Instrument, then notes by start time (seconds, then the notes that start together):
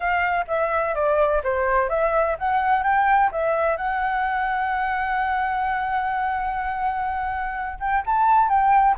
flute
0.00 F5
0.47 E5
0.94 D5
1.43 C5
1.89 E5
2.38 F#5
2.83 G5
3.31 E5
3.76 F#5
7.79 G5
8.06 A5
8.48 G5